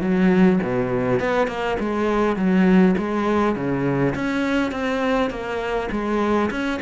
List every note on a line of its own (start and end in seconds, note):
0.00 0.59 F#3
0.62 1.19 B2
1.19 1.47 B3
1.47 1.76 A#3
1.79 2.36 G#3
2.36 2.94 F#3
2.97 3.55 G#3
3.55 4.14 C#3
4.15 4.71 C#4
4.71 5.30 C4
5.30 5.89 A#3
5.91 6.50 G#3
6.50 6.80 C#4